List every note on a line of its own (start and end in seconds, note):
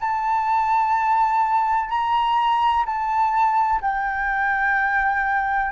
0.00 1.89 A5
1.89 2.84 A#5
2.86 3.81 A5
3.81 5.71 G5